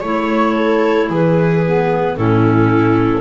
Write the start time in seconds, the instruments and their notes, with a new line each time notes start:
0.00 double bass A3, clarinet E4 C#5, viola C#5
0.54 viola A4
1.09 double bass E3, viola G#4, clarinet B4
1.65 clarinet B3
2.17 double bass A2, clarinet C#4 A4, viola E4